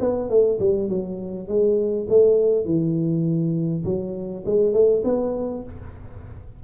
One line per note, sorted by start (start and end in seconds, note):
0.00 0.29 B3
0.29 0.59 A3
0.59 0.89 G3
0.89 1.48 F#3
1.48 2.07 G#3
2.09 2.65 A3
2.65 3.84 E3
3.85 4.44 F#3
4.45 4.73 G#3
4.73 5.03 A3
5.04 5.63 B3